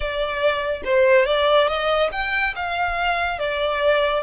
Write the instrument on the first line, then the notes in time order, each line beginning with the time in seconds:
violin
0.00 D5
0.84 C5
1.25 D5
1.67 D#5
2.12 G5
2.55 F5
3.38 D5